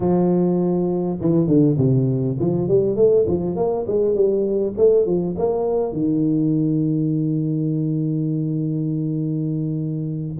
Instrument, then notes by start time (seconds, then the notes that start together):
tuba
0.00 F3
1.20 E3
1.47 D3
1.77 C3
2.39 F3
2.68 G3
2.95 A3
3.27 F3
3.56 A#3
3.87 G#3
4.14 G3
4.77 A3
5.05 F3
5.38 A#3
5.92 D#3